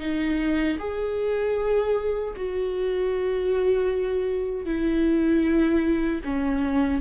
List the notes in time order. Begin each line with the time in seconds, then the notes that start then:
0.00 D#4
0.79 G#4
2.36 F#4
4.65 E4
6.24 C#4